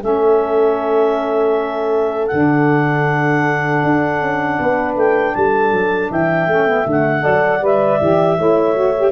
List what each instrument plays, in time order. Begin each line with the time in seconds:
0.00 tuba A3, saxophone C#4, horn A4, clarinet E5
2.27 tuba D3, saxophone D4, clarinet F#5
3.83 tuba D4
4.20 tuba C#4
4.59 tuba B3, horn B4
4.95 tuba A3, clarinet G5
5.34 tuba G3, horn A4, clarinet A5
5.71 tuba F#3
6.10 tuba E3, horn E5, clarinet G5
6.47 tuba A3, saxophone C#4
6.67 saxophone B3
6.84 tuba D3, saxophone A3
6.91 clarinet F#5
7.20 tuba F#3, saxophone A4, horn D5
7.61 tuba G3, saxophone B4, clarinet E5
8.00 tuba E3, saxophone G4
8.37 tuba A3, saxophone E4, horn C#5
8.74 saxophone F#4
8.97 saxophone G4